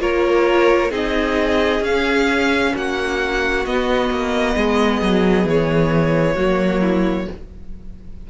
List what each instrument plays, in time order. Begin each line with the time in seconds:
0.00 cello A#3, viola F4, violin A#4 C#5
0.90 cello C4, viola D#4, violin G#4 D#5
1.80 cello C#4, viola C#4, violin F5
2.74 cello A#3, violin F#4 F#5
3.66 cello B3, viola B3, violin D#5
4.10 cello A#3
4.56 cello G#3, violin G#4
5.02 cello F#3
5.45 cello E3, violin C#5
6.35 cello F#3, viola A#3, violin F#4
6.81 violin E4